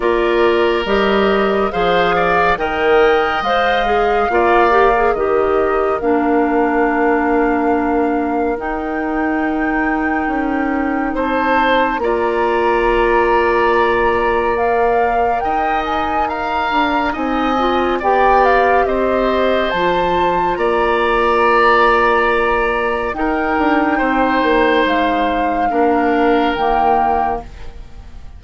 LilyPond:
<<
  \new Staff \with { instrumentName = "flute" } { \time 4/4 \tempo 4 = 70 d''4 dis''4 f''4 g''4 | f''2 dis''4 f''4~ | f''2 g''2~ | g''4 a''4 ais''2~ |
ais''4 f''4 g''8 gis''8 ais''4 | gis''4 g''8 f''8 dis''4 a''4 | ais''2. g''4~ | g''4 f''2 g''4 | }
  \new Staff \with { instrumentName = "oboe" } { \time 4/4 ais'2 c''8 d''8 dis''4~ | dis''4 d''4 ais'2~ | ais'1~ | ais'4 c''4 d''2~ |
d''2 dis''4 f''4 | dis''4 d''4 c''2 | d''2. ais'4 | c''2 ais'2 | }
  \new Staff \with { instrumentName = "clarinet" } { \time 4/4 f'4 g'4 gis'4 ais'4 | c''8 gis'8 f'8 g'16 gis'16 g'4 d'4~ | d'2 dis'2~ | dis'2 f'2~ |
f'4 ais'2. | dis'8 f'8 g'2 f'4~ | f'2. dis'4~ | dis'2 d'4 ais4 | }
  \new Staff \with { instrumentName = "bassoon" } { \time 4/4 ais4 g4 f4 dis4 | gis4 ais4 dis4 ais4~ | ais2 dis'2 | cis'4 c'4 ais2~ |
ais2 dis'4. d'8 | c'4 b4 c'4 f4 | ais2. dis'8 d'8 | c'8 ais8 gis4 ais4 dis4 | }
>>